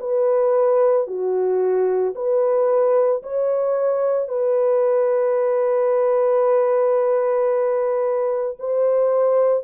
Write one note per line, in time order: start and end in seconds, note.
0.00 1.07 B4
1.07 2.14 F#4
2.15 3.22 B4
3.23 4.28 C#5
4.28 8.57 B4
8.59 9.64 C5